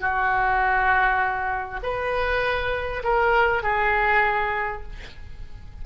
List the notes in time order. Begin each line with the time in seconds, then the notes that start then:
0.00 F#4
1.83 B4
3.03 A#4
3.63 G#4